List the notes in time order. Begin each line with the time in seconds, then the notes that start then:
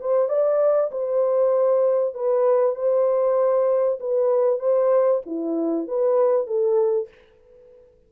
0.00 C5
0.28 D5
0.91 C5
2.14 B4
2.75 C5
4.00 B4
4.59 C5
5.26 E4
5.87 B4
6.46 A4